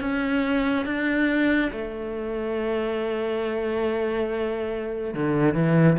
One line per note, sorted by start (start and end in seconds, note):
0.00 0.85 C#4
0.85 1.71 D4
1.71 5.14 A3
5.14 5.54 D3
5.54 5.96 E3